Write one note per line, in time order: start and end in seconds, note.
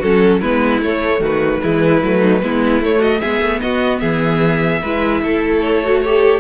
0.00 0.42 F#3
0.00 0.43 C#4
0.00 0.40 F#4
0.00 0.41 A4
0.40 0.82 G#3
0.40 0.83 B3
0.40 1.20 E4
0.40 0.81 B4
0.82 1.20 A3
0.82 1.62 A3
0.82 1.23 C#5
1.20 1.60 D#3
1.20 1.61 F#4
1.20 2.84 B4
1.62 2.02 E3
1.62 2.02 G#3
1.62 2.20 E4
2.02 2.42 F#3
2.02 2.43 A3
2.20 2.40 D#4
2.42 2.82 G#3
2.42 2.83 B3
2.42 2.99 E4
2.82 3.22 A3
2.82 3.23 A3
2.82 3.02 C#5
2.99 3.19 F#4
2.99 3.21 D#5
3.21 3.41 G#3
3.21 4.84 B3
3.21 3.61 G#4
3.21 3.61 E5
3.41 3.61 A3
3.61 4.02 B3
3.61 4.01 F#4
3.61 3.99 D#5
3.99 4.82 E3
3.99 4.81 G#4
3.99 5.59 E5
4.82 5.22 G#3
4.82 5.85 E4
4.82 5.22 B4
5.22 6.41 A3
5.22 6.01 A4
5.61 6.01 C#5
5.85 6.05 F#4
6.01 6.41 G4
6.01 6.41 A4
6.01 6.41 C#5